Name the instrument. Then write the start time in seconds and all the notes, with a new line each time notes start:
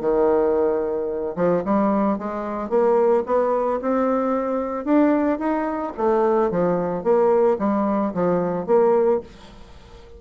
bassoon
0.00 D#3
1.36 F3
1.64 G3
2.18 G#3
2.69 A#3
3.26 B3
3.81 C4
4.85 D4
5.39 D#4
5.97 A3
6.50 F3
7.03 A#3
7.59 G3
8.14 F3
8.66 A#3